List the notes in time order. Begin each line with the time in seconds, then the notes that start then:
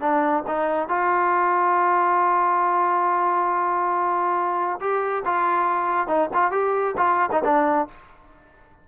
0.00 D4
0.47 D#4
0.88 F4
4.80 G4
5.25 F4
6.07 D#4
6.33 F4
6.51 G4
6.97 F4
7.32 D#4
7.44 D4